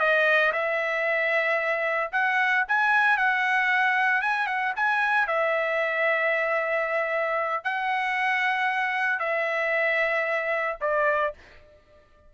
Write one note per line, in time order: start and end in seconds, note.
0.00 0.53 D#5
0.53 2.11 E5
2.12 2.65 F#5
2.68 3.17 G#5
3.17 4.22 F#5
4.22 4.47 G#5
4.47 4.74 F#5
4.76 5.28 G#5
5.28 7.65 E5
7.65 9.20 F#5
9.20 10.78 E5
10.81 11.34 D5